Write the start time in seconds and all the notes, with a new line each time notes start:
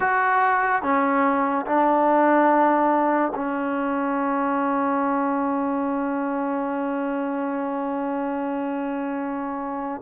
0.00 F#4
0.82 C#4
1.66 D4
3.35 C#4